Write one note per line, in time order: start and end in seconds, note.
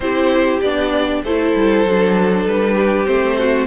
0.00 0.60 C4
0.00 0.63 E4
0.00 1.23 G4
0.00 0.60 C5
0.61 1.23 B3
0.61 1.25 D4
0.61 1.22 D5
1.23 1.54 A3
1.23 1.87 E4
1.23 2.74 A4
1.23 2.46 C5
1.55 1.84 G3
1.84 2.45 F#3
1.84 3.06 D4
2.45 3.06 G3
2.45 3.06 B4
2.74 3.36 G4
3.06 3.66 A3
3.06 3.66 C4
3.06 3.66 C5
3.38 3.66 F#4